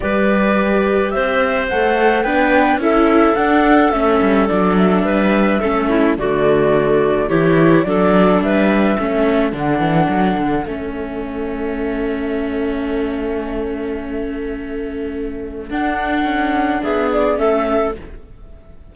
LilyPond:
<<
  \new Staff \with { instrumentName = "flute" } { \time 4/4 \tempo 4 = 107 d''2 e''4 fis''4 | g''4 e''4 fis''4 e''4 | d''8 e''2~ e''8 d''4~ | d''4 cis''4 d''4 e''4~ |
e''4 fis''2 e''4~ | e''1~ | e''1 | fis''2 e''8 d''8 e''4 | }
  \new Staff \with { instrumentName = "clarinet" } { \time 4/4 b'2 c''2 | b'4 a'2.~ | a'4 b'4 a'8 e'8 fis'4~ | fis'4 g'4 a'4 b'4 |
a'1~ | a'1~ | a'1~ | a'2 gis'4 a'4 | }
  \new Staff \with { instrumentName = "viola" } { \time 4/4 g'2. a'4 | d'4 e'4 d'4 cis'4 | d'2 cis'4 a4~ | a4 e'4 d'2 |
cis'4 d'2 cis'4~ | cis'1~ | cis'1 | d'2. cis'4 | }
  \new Staff \with { instrumentName = "cello" } { \time 4/4 g2 c'4 a4 | b4 cis'4 d'4 a8 g8 | fis4 g4 a4 d4~ | d4 e4 fis4 g4 |
a4 d8 e8 fis8 d8 a4~ | a1~ | a1 | d'4 cis'4 b4 a4 | }
>>